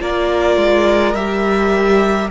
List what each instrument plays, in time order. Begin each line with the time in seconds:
0.00 cello A#3, viola F4, violin A#4 D5
0.57 cello G#3
1.15 cello G3, viola G4, violin E5